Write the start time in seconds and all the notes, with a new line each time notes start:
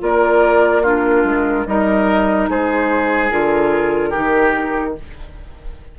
0.00 A#3 F4 A#4 D5
0.82 D4 F4 A#4
1.24 G#3
1.66 G3 D#4 A#4 D#5
2.49 G#3 G#4 C5
3.31 D3 F4 A#4
4.10 D#4 G4
4.17 D#3